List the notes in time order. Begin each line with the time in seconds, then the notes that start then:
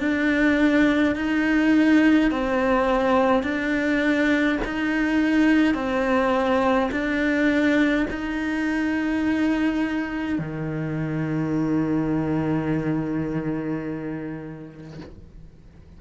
0.00 D4
1.16 D#4
2.31 C4
3.43 D4
4.65 D#4
5.74 C4
6.92 D4
8.10 D#4
10.38 D#3